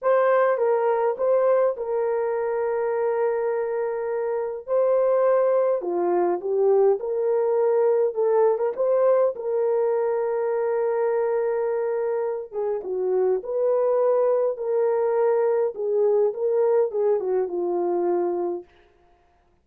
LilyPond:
\new Staff \with { instrumentName = "horn" } { \time 4/4 \tempo 4 = 103 c''4 ais'4 c''4 ais'4~ | ais'1 | c''2 f'4 g'4 | ais'2 a'8. ais'16 c''4 |
ais'1~ | ais'4. gis'8 fis'4 b'4~ | b'4 ais'2 gis'4 | ais'4 gis'8 fis'8 f'2 | }